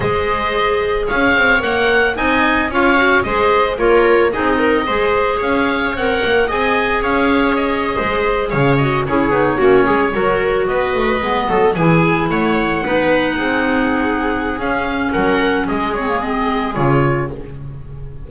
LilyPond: <<
  \new Staff \with { instrumentName = "oboe" } { \time 4/4 \tempo 4 = 111 dis''2 f''4 fis''4 | gis''4 f''4 dis''4 cis''4 | dis''2 f''4 fis''4 | gis''4 f''4 dis''4.~ dis''16 f''16~ |
f''16 dis''8 cis''2. dis''16~ | dis''4.~ dis''16 gis''4 fis''4~ fis''16~ | fis''2. f''4 | fis''4 dis''8 cis''8 dis''4 cis''4 | }
  \new Staff \with { instrumentName = "viola" } { \time 4/4 c''2 cis''2 | dis''4 cis''4 c''4 ais'4 | gis'8 ais'8 c''4 cis''2 | dis''4 cis''4.~ cis''16 c''4 cis''16~ |
cis''8. gis'4 fis'8 gis'8 ais'4 b'16~ | b'4~ b'16 a'8 gis'4 cis''4 b'16~ | b'8. gis'2.~ gis'16 | ais'4 gis'2. | }
  \new Staff \with { instrumentName = "clarinet" } { \time 4/4 gis'2. ais'4 | dis'4 f'8 fis'8 gis'4 f'4 | dis'4 gis'2 ais'4 | gis'1~ |
gis'16 fis'8 e'8 dis'8 cis'4 fis'4~ fis'16~ | fis'8. b4 e'2 dis'16~ | dis'2. cis'4~ | cis'4. c'16 ais16 c'4 f'4 | }
  \new Staff \with { instrumentName = "double bass" } { \time 4/4 gis2 cis'8 c'8 ais4 | c'4 cis'4 gis4 ais4 | c'4 gis4 cis'4 c'8 ais8 | c'4 cis'4.~ cis'16 gis4 cis16~ |
cis8. cis'8 b8 ais8 gis8 fis4 b16~ | b16 a8 gis8 fis8 e4 a4 b16~ | b8. c'2~ c'16 cis'4 | fis4 gis2 cis4 | }
>>